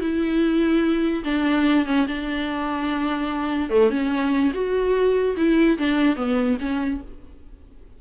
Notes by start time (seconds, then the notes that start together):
0.00 E4
1.24 D4
1.86 C#4
2.07 D4
3.70 A3
3.90 C#4
4.54 F#4
5.36 E4
5.78 D4
6.16 B3
6.60 C#4